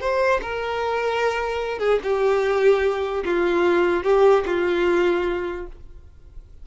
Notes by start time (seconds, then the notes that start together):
0.00 C5
0.42 A#4
1.79 G#4
2.03 G4
3.25 F4
4.03 G4
4.46 F4